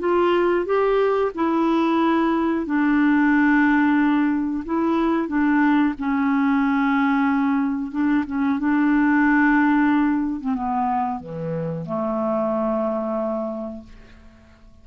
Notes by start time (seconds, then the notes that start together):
0.00 F4
0.66 G4
1.35 E4
2.66 D4
4.66 E4
5.28 D4
5.99 C#4
7.92 D4
8.27 C#4
8.60 D4
10.41 C4
10.55 B3
11.21 E3
11.86 A3